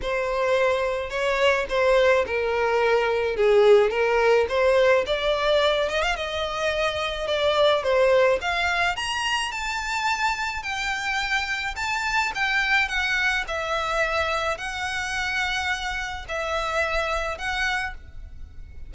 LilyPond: \new Staff \with { instrumentName = "violin" } { \time 4/4 \tempo 4 = 107 c''2 cis''4 c''4 | ais'2 gis'4 ais'4 | c''4 d''4. dis''16 f''16 dis''4~ | dis''4 d''4 c''4 f''4 |
ais''4 a''2 g''4~ | g''4 a''4 g''4 fis''4 | e''2 fis''2~ | fis''4 e''2 fis''4 | }